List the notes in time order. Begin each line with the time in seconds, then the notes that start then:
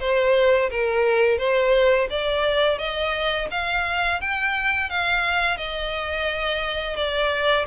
0.00 C5
0.70 A#4
1.38 C5
2.10 D5
2.78 D#5
3.51 F5
4.21 G5
4.89 F5
5.57 D#5
6.96 D5